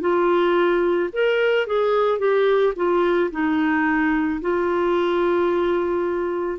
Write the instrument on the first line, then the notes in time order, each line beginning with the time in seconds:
clarinet
0.00 F4
1.13 A#4
1.66 G#4
2.19 G4
2.76 F4
3.31 D#4
4.41 F4